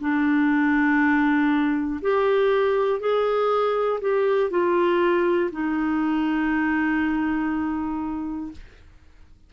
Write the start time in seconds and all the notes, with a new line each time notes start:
0.00 D4
2.01 G4
3.00 G#4
4.00 G4
4.50 F4
5.51 D#4